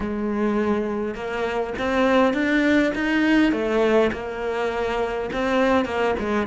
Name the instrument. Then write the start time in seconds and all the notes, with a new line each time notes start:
cello
0.00 G#3
1.14 A#3
1.78 C4
2.33 D4
2.94 D#4
3.52 A3
4.12 A#3
5.32 C4
5.85 A#3
6.19 G#3